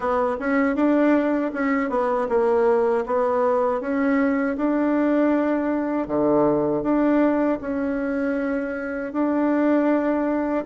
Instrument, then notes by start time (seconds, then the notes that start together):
bassoon
0.00 B3
0.39 C#4
0.75 D4
1.53 C#4
1.89 B3
2.29 A#3
3.06 B3
3.80 C#4
4.56 D4
6.07 D3
6.83 D4
7.61 C#4
9.12 D4